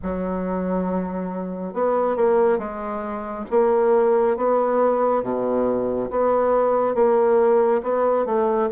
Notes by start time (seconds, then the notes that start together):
0.02 F#3
1.73 B3
2.16 A#3
2.58 G#3
3.50 A#3
4.36 B3
5.23 B2
6.10 B3
6.94 A#3
7.83 B3
8.25 A3